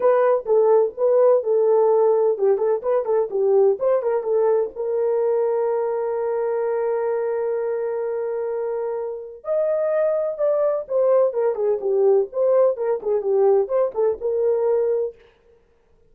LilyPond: \new Staff \with { instrumentName = "horn" } { \time 4/4 \tempo 4 = 127 b'4 a'4 b'4 a'4~ | a'4 g'8 a'8 b'8 a'8 g'4 | c''8 ais'8 a'4 ais'2~ | ais'1~ |
ais'1 | dis''2 d''4 c''4 | ais'8 gis'8 g'4 c''4 ais'8 gis'8 | g'4 c''8 a'8 ais'2 | }